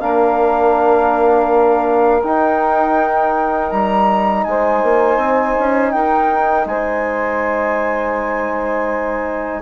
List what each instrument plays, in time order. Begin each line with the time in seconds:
0.00 bassoon A#3, trombone D4, saxophone A#4, flute F5
2.23 bassoon D#4, trombone D#4, flute G5
3.71 bassoon G3, flute A#5
4.44 bassoon G#3, saxophone C5, flute G#5
4.83 bassoon A#3
5.18 bassoon C4
5.59 bassoon C#4
5.92 bassoon D#4, saxophone A#4, flute G5
6.66 bassoon G#3, saxophone C5, flute G#5